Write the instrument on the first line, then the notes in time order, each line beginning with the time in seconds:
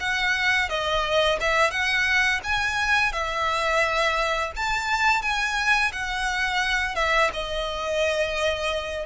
violin
0.00 F#5
0.69 D#5
1.40 E5
1.71 F#5
2.44 G#5
3.12 E5
4.56 A5
5.22 G#5
5.92 F#5
6.95 E5
7.33 D#5